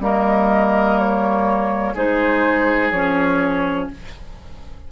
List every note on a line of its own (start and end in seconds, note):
0.00 1.94 G3
0.00 1.96 A#3
0.00 1.94 A#4
0.00 0.99 D#5
0.99 1.95 C#5
1.94 2.92 G#3
1.94 2.93 D#4
1.94 3.88 G#4
1.94 2.91 C5
2.91 3.88 F3
2.91 3.92 C#4
2.91 3.88 C#5